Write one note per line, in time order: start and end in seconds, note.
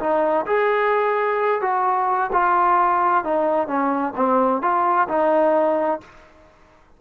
0.00 0.46 D#4
0.46 1.62 G#4
1.62 2.31 F#4
2.33 3.24 F4
3.24 3.68 D#4
3.68 4.14 C#4
4.16 4.62 C4
4.62 5.08 F4
5.09 6.01 D#4